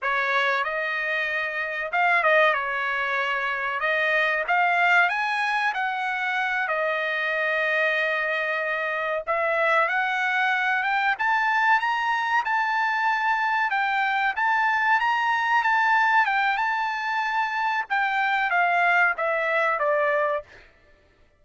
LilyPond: \new Staff \with { instrumentName = "trumpet" } { \time 4/4 \tempo 4 = 94 cis''4 dis''2 f''8 dis''8 | cis''2 dis''4 f''4 | gis''4 fis''4. dis''4.~ | dis''2~ dis''8 e''4 fis''8~ |
fis''4 g''8 a''4 ais''4 a''8~ | a''4. g''4 a''4 ais''8~ | ais''8 a''4 g''8 a''2 | g''4 f''4 e''4 d''4 | }